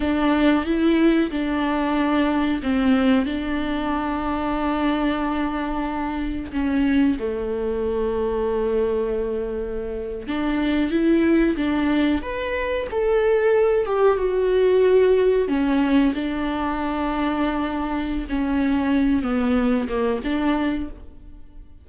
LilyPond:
\new Staff \with { instrumentName = "viola" } { \time 4/4 \tempo 4 = 92 d'4 e'4 d'2 | c'4 d'2.~ | d'2 cis'4 a4~ | a2.~ a8. d'16~ |
d'8. e'4 d'4 b'4 a'16~ | a'4~ a'16 g'8 fis'2 cis'16~ | cis'8. d'2.~ d'16 | cis'4. b4 ais8 d'4 | }